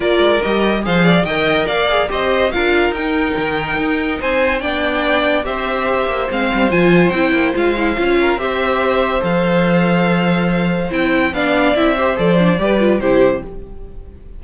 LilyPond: <<
  \new Staff \with { instrumentName = "violin" } { \time 4/4 \tempo 4 = 143 d''4 dis''4 f''4 g''4 | f''4 dis''4 f''4 g''4~ | g''2 gis''4 g''4~ | g''4 e''2 f''4 |
gis''4 g''4 f''2 | e''2 f''2~ | f''2 g''4 f''4 | e''4 d''2 c''4 | }
  \new Staff \with { instrumentName = "violin" } { \time 4/4 ais'2 c''8 d''8 dis''4 | d''4 c''4 ais'2~ | ais'2 c''4 d''4~ | d''4 c''2.~ |
c''2.~ c''8 ais'8 | c''1~ | c''2. d''4~ | d''8 c''4. b'4 g'4 | }
  \new Staff \with { instrumentName = "viola" } { \time 4/4 f'4 g'4 gis'4 ais'4~ | ais'8 gis'8 g'4 f'4 dis'4~ | dis'2. d'4~ | d'4 g'2 c'4 |
f'4 e'4 f'8 e'8 f'4 | g'2 a'2~ | a'2 e'4 d'4 | e'8 g'8 a'8 d'8 g'8 f'8 e'4 | }
  \new Staff \with { instrumentName = "cello" } { \time 4/4 ais8 gis8 g4 f4 dis4 | ais4 c'4 d'4 dis'4 | dis4 dis'4 c'4 b4~ | b4 c'4. ais8 gis8 g8 |
f4 c'8 ais8 gis4 cis'4 | c'2 f2~ | f2 c'4 b4 | c'4 f4 g4 c4 | }
>>